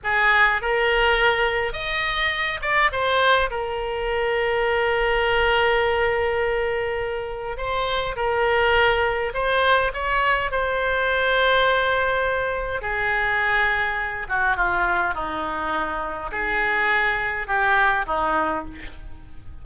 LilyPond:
\new Staff \with { instrumentName = "oboe" } { \time 4/4 \tempo 4 = 103 gis'4 ais'2 dis''4~ | dis''8 d''8 c''4 ais'2~ | ais'1~ | ais'4 c''4 ais'2 |
c''4 cis''4 c''2~ | c''2 gis'2~ | gis'8 fis'8 f'4 dis'2 | gis'2 g'4 dis'4 | }